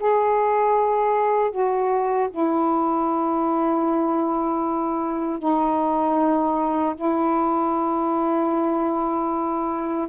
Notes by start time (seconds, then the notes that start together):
0.00 G#4
1.51 F#4
2.31 E4
5.39 D#4
6.96 E4